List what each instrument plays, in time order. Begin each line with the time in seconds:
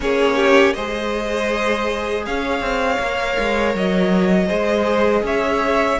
0.00 cello A#3, viola C#4, violin G#4 C#5
0.35 violin G4
0.73 cello G#3, viola G#4, violin C5 D#5
2.26 cello C#4, violin C#5 F5
2.60 cello C4
2.99 cello A#3, viola A#4
3.38 cello G#3
3.74 cello F#3, violin D#5
4.47 cello G#3, viola G#4, violin C5
5.22 cello C#4, violin C#5 E5